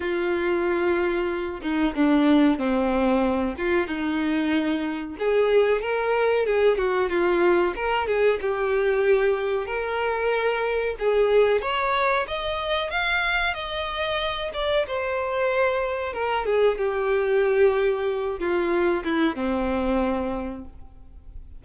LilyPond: \new Staff \with { instrumentName = "violin" } { \time 4/4 \tempo 4 = 93 f'2~ f'8 dis'8 d'4 | c'4. f'8 dis'2 | gis'4 ais'4 gis'8 fis'8 f'4 | ais'8 gis'8 g'2 ais'4~ |
ais'4 gis'4 cis''4 dis''4 | f''4 dis''4. d''8 c''4~ | c''4 ais'8 gis'8 g'2~ | g'8 f'4 e'8 c'2 | }